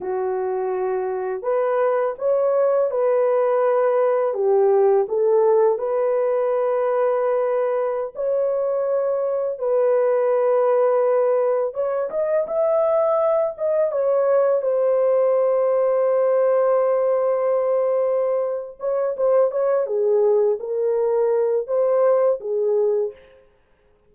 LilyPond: \new Staff \with { instrumentName = "horn" } { \time 4/4 \tempo 4 = 83 fis'2 b'4 cis''4 | b'2 g'4 a'4 | b'2.~ b'16 cis''8.~ | cis''4~ cis''16 b'2~ b'8.~ |
b'16 cis''8 dis''8 e''4. dis''8 cis''8.~ | cis''16 c''2.~ c''8.~ | c''2 cis''8 c''8 cis''8 gis'8~ | gis'8 ais'4. c''4 gis'4 | }